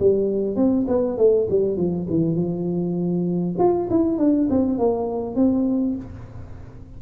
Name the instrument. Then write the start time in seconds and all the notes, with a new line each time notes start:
tuba
0.00 G3
0.56 C4
0.88 B3
1.18 A3
1.50 G3
1.77 F3
2.10 E3
2.36 F3
3.59 F4
3.90 E4
4.18 D4
4.50 C4
4.79 A#3
5.36 C4